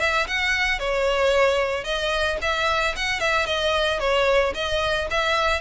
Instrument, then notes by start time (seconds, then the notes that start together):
violin
0.00 E5
0.27 F#5
0.79 C#5
1.84 D#5
2.41 E5
2.96 F#5
3.20 E5
3.46 D#5
3.99 C#5
4.54 D#5
5.10 E5